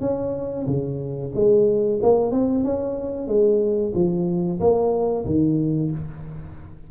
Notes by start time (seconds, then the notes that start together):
0.00 C#4
0.67 C#3
1.35 G#3
2.02 A#3
2.32 C4
2.64 C#4
3.27 G#3
3.94 F3
4.59 A#3
5.26 D#3